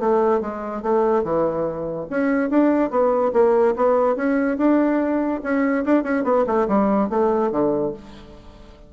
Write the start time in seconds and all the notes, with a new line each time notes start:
0.00 A3
0.41 G#3
0.83 A3
1.24 E3
2.10 C#4
2.51 D4
2.91 B3
3.34 A#3
3.76 B3
4.17 C#4
4.58 D4
5.44 C#4
5.86 D4
6.04 C#4
6.25 B3
6.47 A3
6.68 G3
7.10 A3
7.52 D3